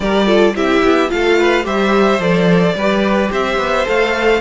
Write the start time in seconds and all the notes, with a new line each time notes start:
0.00 G3 G4 A#4 D5
0.26 F4 A4
0.55 C4 E4 G4 E5
0.83 B3
1.08 A3 F4 A4 F5
1.39 B4
1.63 G3 G4 C5 E5
2.19 F3 A4 D5
2.74 G3 G4 B4
3.31 C4 C5 E5
3.57 B3
3.85 A3 A4 F5